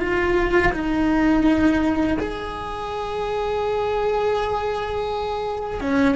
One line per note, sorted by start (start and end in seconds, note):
0.00 0.72 F4
0.73 2.17 D#4
2.19 5.81 G#4
5.81 6.16 C#4